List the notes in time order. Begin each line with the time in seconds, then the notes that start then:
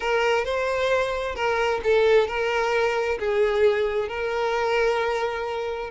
0.00 A#4
0.44 C5
1.35 A#4
1.83 A4
2.27 A#4
3.19 G#4
4.08 A#4